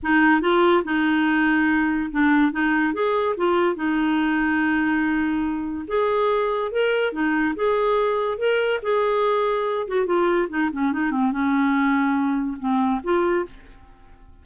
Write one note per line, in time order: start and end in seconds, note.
0.02 0.41 D#4
0.41 0.83 F4
0.84 2.10 D#4
2.11 2.52 D4
2.52 2.93 D#4
2.93 3.35 G#4
3.37 3.75 F4
3.75 5.85 D#4
5.87 6.71 G#4
6.71 7.12 A#4
7.12 7.54 D#4
7.55 8.37 G#4
8.37 8.79 A#4
8.82 9.87 G#4
9.87 10.05 F#4
10.05 10.47 F4
10.49 10.70 D#4
10.72 10.92 C#4
10.92 11.11 D#4
11.11 11.31 C4
11.31 12.57 C#4
12.59 13.01 C4
13.03 13.45 F4